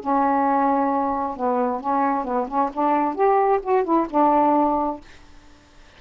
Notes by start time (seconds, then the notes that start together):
0.00 C#4
1.37 B3
1.81 C#4
2.24 B3
2.48 C#4
2.73 D4
3.15 G4
3.62 F#4
3.84 E4
4.10 D4